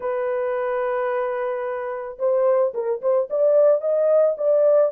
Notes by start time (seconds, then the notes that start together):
0.00 B4
2.18 C5
2.74 A#4
3.01 C5
3.30 D5
3.81 D#5
4.37 D5